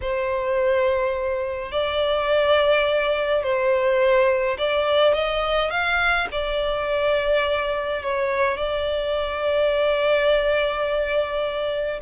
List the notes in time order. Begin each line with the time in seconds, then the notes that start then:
0.01 C5
1.71 D5
3.43 C5
4.57 D5
5.13 D#5
5.70 F5
6.31 D5
8.02 C#5
8.57 D5